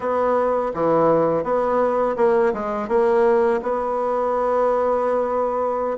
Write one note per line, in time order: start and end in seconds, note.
0.00 0.72 B3
0.74 1.43 E3
1.43 2.16 B3
2.16 2.52 A#3
2.53 2.88 G#3
2.88 3.60 A#3
3.62 5.97 B3